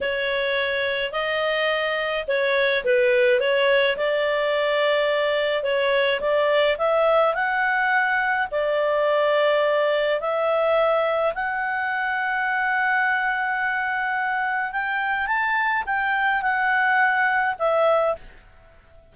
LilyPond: \new Staff \with { instrumentName = "clarinet" } { \time 4/4 \tempo 4 = 106 cis''2 dis''2 | cis''4 b'4 cis''4 d''4~ | d''2 cis''4 d''4 | e''4 fis''2 d''4~ |
d''2 e''2 | fis''1~ | fis''2 g''4 a''4 | g''4 fis''2 e''4 | }